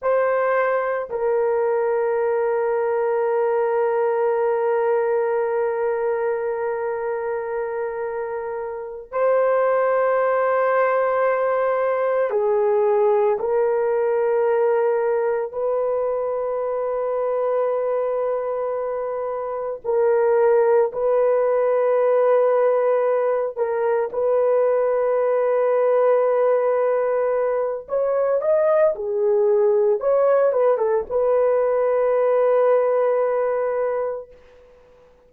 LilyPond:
\new Staff \with { instrumentName = "horn" } { \time 4/4 \tempo 4 = 56 c''4 ais'2.~ | ais'1~ | ais'8 c''2. gis'8~ | gis'8 ais'2 b'4.~ |
b'2~ b'8 ais'4 b'8~ | b'2 ais'8 b'4.~ | b'2 cis''8 dis''8 gis'4 | cis''8 b'16 a'16 b'2. | }